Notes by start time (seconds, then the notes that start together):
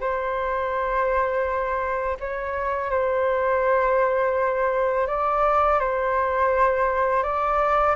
0.00 C5
2.19 C#5
2.90 C5
5.07 D5
5.80 C5
7.23 D5